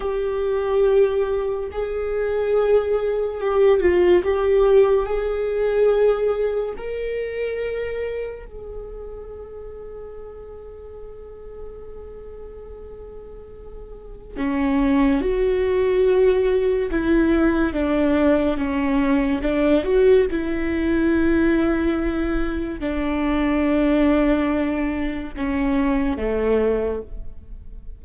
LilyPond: \new Staff \with { instrumentName = "viola" } { \time 4/4 \tempo 4 = 71 g'2 gis'2 | g'8 f'8 g'4 gis'2 | ais'2 gis'2~ | gis'1~ |
gis'4 cis'4 fis'2 | e'4 d'4 cis'4 d'8 fis'8 | e'2. d'4~ | d'2 cis'4 a4 | }